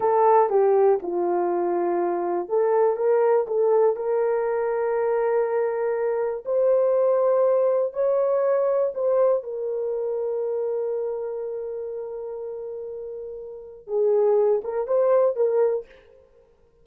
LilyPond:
\new Staff \with { instrumentName = "horn" } { \time 4/4 \tempo 4 = 121 a'4 g'4 f'2~ | f'4 a'4 ais'4 a'4 | ais'1~ | ais'4 c''2. |
cis''2 c''4 ais'4~ | ais'1~ | ais'1 | gis'4. ais'8 c''4 ais'4 | }